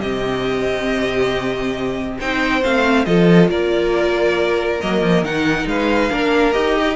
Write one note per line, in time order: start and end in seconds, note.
0.00 2.17 C3
0.00 2.19 C4
0.00 2.19 G4
0.00 2.17 D#5
2.19 2.64 C4
2.19 2.61 D#4
2.19 3.06 C5
2.19 2.63 G5
2.61 3.06 A3
2.61 3.05 C4
2.61 3.05 F5
3.05 3.49 F3
3.05 4.80 F4
3.05 3.50 A4
3.05 3.48 D#5
3.49 4.79 A#3
3.49 5.67 A#4
3.49 4.81 D5
4.81 5.01 F#3
4.81 5.24 A#3
4.81 5.24 D#5
5.01 5.21 F3
5.21 5.64 D#3
5.21 6.10 D#4
5.21 5.67 F#5
5.66 6.10 G#3
5.66 6.11 B4
5.66 6.52 F5
6.10 6.55 A#3
6.10 6.52 D4
6.10 6.76 A#4
6.52 6.96 D#4
6.52 6.96 G4
6.52 6.96 D#5
6.76 6.96 G4